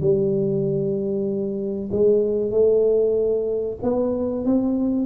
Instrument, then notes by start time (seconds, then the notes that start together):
tuba
0.00 G3
1.91 G#3
2.51 A3
3.82 B3
4.45 C4